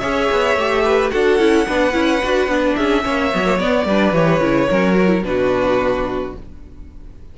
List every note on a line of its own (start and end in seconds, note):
0.00 0.30 C#4
0.00 0.57 G#4
0.00 0.83 C#5
0.00 1.10 E5
0.31 0.56 B3
0.56 1.11 A3
0.56 1.12 G4
0.85 1.12 B4
1.11 1.39 D4
1.11 1.39 F#4
1.11 1.67 A4
1.11 2.76 F#5
1.39 1.67 C#4
1.39 1.67 E4
1.67 1.95 B3
1.67 1.92 D4
1.67 2.77 B4
1.92 2.22 C#4
1.92 2.20 E4
2.24 2.47 D4
2.24 2.49 F#4
2.47 2.75 B3
2.47 3.03 D4
2.76 3.05 C#4
2.76 3.04 G#4
2.76 3.58 E5
3.03 3.34 A#3
3.03 3.31 C#4
3.03 3.87 C#5
3.32 3.60 F#3
3.32 3.45 B3
3.45 3.58 A#3
3.59 3.86 B3
3.59 4.15 D5
3.86 4.13 G3
3.86 4.14 D4
3.86 4.69 B4
4.13 4.40 E3
4.13 4.41 G4
4.13 5.24 C#5
4.40 4.68 C#3
4.40 4.69 E4
4.69 5.23 F#3
4.69 4.95 C#4
4.69 5.24 A#4
4.95 5.08 F#4
5.08 5.21 E4
5.23 6.33 B2
5.23 6.35 D4
5.23 6.38 F#4
5.23 6.34 B4